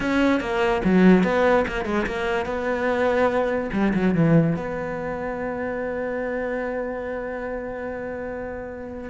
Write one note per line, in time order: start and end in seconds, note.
0.00 0.40 C#4
0.40 0.81 A#3
0.84 1.23 F#3
1.23 1.65 B3
1.67 1.85 A#3
1.85 2.05 G#3
2.06 2.45 A#3
2.45 3.69 B3
3.72 3.93 G3
3.94 4.14 F#3
4.14 4.56 E3
4.56 9.09 B3